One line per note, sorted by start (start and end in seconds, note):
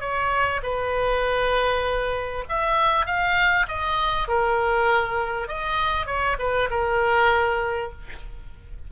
0.00 0.61 C#5
0.63 2.44 B4
2.48 3.06 E5
3.06 3.66 F5
3.68 4.28 D#5
4.28 5.48 A#4
5.48 6.06 D#5
6.06 6.36 C#5
6.39 6.69 B4
6.70 7.91 A#4